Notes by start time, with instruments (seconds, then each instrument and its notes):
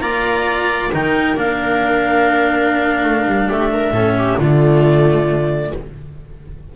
0.00 double bass A#3, cello F4, viola D5, clarinet A#5
0.93 double bass D#3, cello D#4, viola A#4, clarinet G5
1.36 double bass A#3, cello D4, clarinet F5
3.04 double bass A3
3.27 double bass G3
3.49 double bass A3, viola G4, clarinet E5
3.73 viola A#4
3.91 double bass A2, cello C#4, viola A4
4.18 viola G4
4.38 double bass D3, cello A3, viola F4, clarinet D5